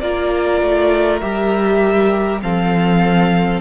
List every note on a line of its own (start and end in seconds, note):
0.00 0.62 A#3
0.00 1.22 F4
0.00 2.42 A#4
0.00 1.20 D5
0.62 1.22 A3
1.21 2.43 G3
1.21 2.42 G4
1.21 2.41 E5
2.42 3.62 F3
2.42 3.62 C4
2.42 3.62 A4
2.42 3.62 F5